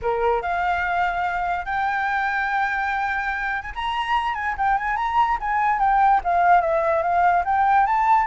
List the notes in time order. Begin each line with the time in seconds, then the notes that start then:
0.02 A#4
0.41 F5
1.65 G5
3.62 G#5
3.75 A#5
4.34 G#5
4.57 G5
4.77 G#5
4.96 A#5
5.40 G#5
5.79 G5
6.24 F5
6.61 E5
7.02 F5
7.45 G5
7.86 A5